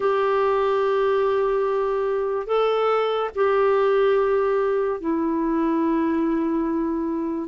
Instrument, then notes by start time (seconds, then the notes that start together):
clarinet
0.00 G4
2.46 A4
3.35 G4
5.00 E4